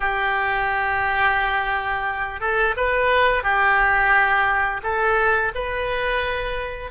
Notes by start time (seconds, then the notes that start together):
0.00 G4
2.40 A4
2.76 B4
3.43 G4
4.83 A4
5.55 B4